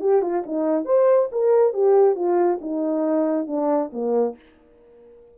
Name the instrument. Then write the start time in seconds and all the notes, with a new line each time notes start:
horn
0.00 G4
0.22 F4
0.46 D#4
0.85 C5
1.32 A#4
1.74 G4
2.15 F4
2.61 D#4
3.47 D4
3.92 A#3